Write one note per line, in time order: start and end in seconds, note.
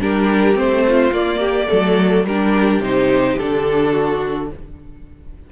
0.00 0.55 G3
0.00 0.54 D4
0.00 0.84 G4
0.00 0.57 A#4
0.54 1.11 A3
0.54 1.10 C4
0.54 1.13 C5
0.87 1.39 F4
1.11 1.67 A#3
1.11 2.25 D5
1.39 1.67 G4
1.67 2.24 F#3
1.67 2.23 A3
1.67 2.26 A4
2.24 2.79 G3
2.24 2.83 D4
2.24 3.91 G4
2.24 2.81 A#4
2.79 3.36 C3
2.79 3.39 D#4
2.79 3.38 C5
3.38 4.52 D3
3.38 4.51 D4
3.38 4.50 A4
3.91 4.47 F#4